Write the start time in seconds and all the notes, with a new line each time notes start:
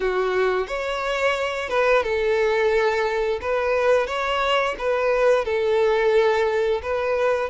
0.00 F#4
0.67 C#5
1.69 B4
2.03 A4
3.41 B4
4.07 C#5
4.78 B4
5.45 A4
6.82 B4